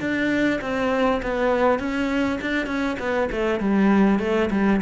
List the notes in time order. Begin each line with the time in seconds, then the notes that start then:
0.00 D4
0.61 C4
1.22 B3
1.79 C#4
2.41 D4
2.66 C#4
2.99 B3
3.32 A3
3.60 G3
4.19 A3
4.51 G3